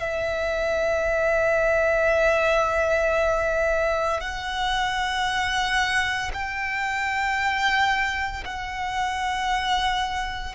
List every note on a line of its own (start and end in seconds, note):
0.00 4.21 E5
4.21 6.31 F#5
6.33 8.44 G5
8.45 10.55 F#5